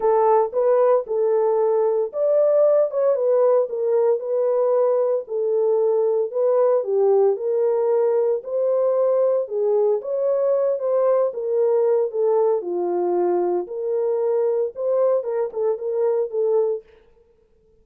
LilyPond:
\new Staff \with { instrumentName = "horn" } { \time 4/4 \tempo 4 = 114 a'4 b'4 a'2 | d''4. cis''8 b'4 ais'4 | b'2 a'2 | b'4 g'4 ais'2 |
c''2 gis'4 cis''4~ | cis''8 c''4 ais'4. a'4 | f'2 ais'2 | c''4 ais'8 a'8 ais'4 a'4 | }